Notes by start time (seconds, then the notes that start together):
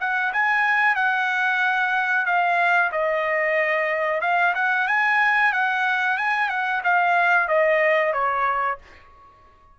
0.00 F#5
0.33 G#5
0.95 F#5
2.26 F5
2.92 D#5
4.21 F5
4.55 F#5
4.87 G#5
5.53 F#5
6.17 G#5
6.49 F#5
6.84 F5
7.48 D#5
8.13 C#5